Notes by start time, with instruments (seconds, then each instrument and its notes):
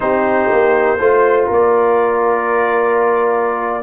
0.00 tuba C4, trombone D#4, horn G4, trumpet C5
0.52 tuba A#3
0.98 tuba A3, trombone F4, horn C5
1.47 tuba A#3, horn A#4, trumpet D5